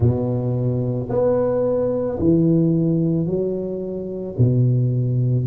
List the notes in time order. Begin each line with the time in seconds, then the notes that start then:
0.00 B2
1.09 B3
2.19 E3
3.26 F#3
4.37 B2